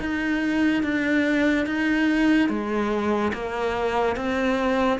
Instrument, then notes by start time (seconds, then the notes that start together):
cello
0.00 D#4
0.83 D4
1.66 D#4
2.49 G#3
3.33 A#3
4.16 C4